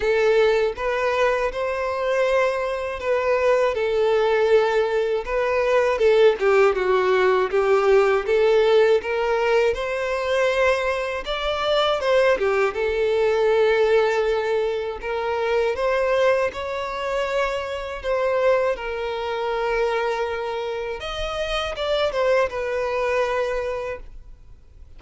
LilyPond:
\new Staff \with { instrumentName = "violin" } { \time 4/4 \tempo 4 = 80 a'4 b'4 c''2 | b'4 a'2 b'4 | a'8 g'8 fis'4 g'4 a'4 | ais'4 c''2 d''4 |
c''8 g'8 a'2. | ais'4 c''4 cis''2 | c''4 ais'2. | dis''4 d''8 c''8 b'2 | }